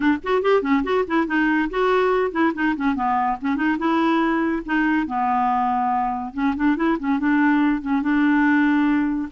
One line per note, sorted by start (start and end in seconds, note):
0.00 0.18 D4
0.23 0.41 F#4
0.41 0.62 G4
0.62 0.83 C#4
0.83 1.04 F#4
1.07 1.27 E4
1.27 1.69 D#4
1.70 2.31 F#4
2.31 2.52 E4
2.54 2.75 D#4
2.76 2.95 C#4
2.95 3.37 B3
3.41 3.56 C#4
3.56 3.77 D#4
3.78 4.62 E4
4.65 5.06 D#4
5.06 6.33 B3
6.33 6.54 C#4
6.56 6.76 D4
6.76 6.97 E4
6.99 7.19 C#4
7.19 7.81 D4
7.81 8.02 C#4
8.02 9.28 D4